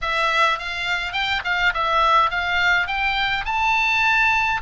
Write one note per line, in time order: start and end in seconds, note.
0.01 0.58 E5
0.58 1.12 F5
1.12 1.41 G5
1.44 1.73 F5
1.74 2.30 E5
2.30 2.87 F5
2.87 3.45 G5
3.45 4.60 A5